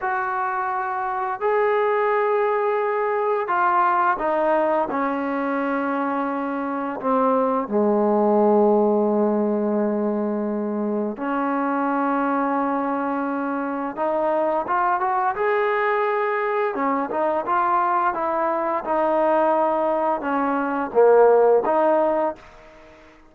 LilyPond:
\new Staff \with { instrumentName = "trombone" } { \time 4/4 \tempo 4 = 86 fis'2 gis'2~ | gis'4 f'4 dis'4 cis'4~ | cis'2 c'4 gis4~ | gis1 |
cis'1 | dis'4 f'8 fis'8 gis'2 | cis'8 dis'8 f'4 e'4 dis'4~ | dis'4 cis'4 ais4 dis'4 | }